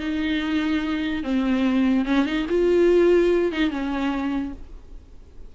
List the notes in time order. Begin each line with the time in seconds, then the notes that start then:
0.00 D#4
1.24 C4
2.05 C#4
2.26 D#4
2.50 F4
3.52 D#4
3.71 C#4